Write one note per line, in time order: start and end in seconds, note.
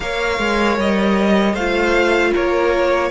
0.00 0.38 A#3
0.00 1.57 A#4
0.00 1.54 C#5
0.00 0.78 F5
0.38 0.77 G#3
0.77 1.53 G3
0.77 1.55 D#5
1.53 2.31 A3
1.53 3.10 F4
1.53 2.31 C5
1.53 2.33 F5
2.33 3.10 A#3
2.33 3.10 A#4
2.33 3.10 C#5